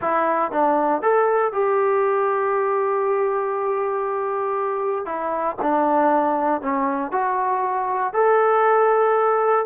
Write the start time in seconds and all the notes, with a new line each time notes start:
0.01 E4
0.51 D4
1.01 A4
1.52 G4
5.05 E4
5.61 D4
6.61 C#4
7.11 F#4
8.13 A4